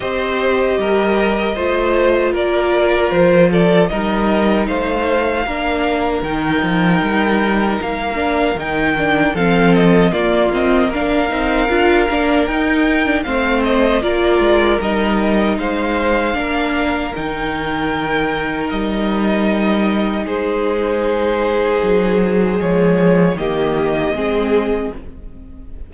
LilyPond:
<<
  \new Staff \with { instrumentName = "violin" } { \time 4/4 \tempo 4 = 77 dis''2. d''4 | c''8 d''8 dis''4 f''2 | g''2 f''4 g''4 | f''8 dis''8 d''8 dis''8 f''2 |
g''4 f''8 dis''8 d''4 dis''4 | f''2 g''2 | dis''2 c''2~ | c''4 cis''4 dis''2 | }
  \new Staff \with { instrumentName = "violin" } { \time 4/4 c''4 ais'4 c''4 ais'4~ | ais'8 a'8 ais'4 c''4 ais'4~ | ais'1 | a'4 f'4 ais'2~ |
ais'4 c''4 ais'2 | c''4 ais'2.~ | ais'2 gis'2~ | gis'2 g'4 gis'4 | }
  \new Staff \with { instrumentName = "viola" } { \time 4/4 g'2 f'2~ | f'4 dis'2 d'4 | dis'2~ dis'8 d'8 dis'8 d'8 | c'4 ais8 c'8 d'8 dis'8 f'8 d'8 |
dis'8. d'16 c'4 f'4 dis'4~ | dis'4 d'4 dis'2~ | dis'1~ | dis'4 gis4 ais4 c'4 | }
  \new Staff \with { instrumentName = "cello" } { \time 4/4 c'4 g4 a4 ais4 | f4 g4 a4 ais4 | dis8 f8 g4 ais4 dis4 | f4 ais4. c'8 d'8 ais8 |
dis'4 a4 ais8 gis8 g4 | gis4 ais4 dis2 | g2 gis2 | fis4 f4 dis4 gis4 | }
>>